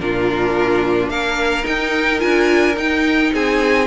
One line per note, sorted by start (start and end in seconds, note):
0.00 1.09 A#2
0.00 1.64 D4
0.00 1.11 F4
0.00 1.10 A#4
1.09 1.65 A#3
1.09 3.33 A#4
1.09 1.66 F5
1.64 2.19 D#4
1.64 2.23 D#4
1.64 2.20 G5
2.19 2.77 D4
2.19 2.75 F4
2.19 2.76 G#5
2.77 3.32 D#4
2.77 3.87 D#4
2.77 3.34 G5
3.34 3.87 C4
3.34 3.87 G#4
3.34 3.87 G#5